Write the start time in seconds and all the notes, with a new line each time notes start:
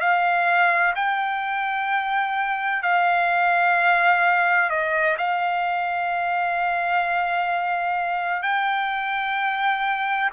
0.00 F5
0.95 G5
2.83 F5
4.70 D#5
5.18 F5
8.43 G5